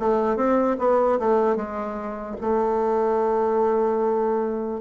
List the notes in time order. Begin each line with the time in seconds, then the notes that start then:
0.00 A3
0.37 C4
0.79 B3
1.20 A3
1.56 G#3
2.41 A3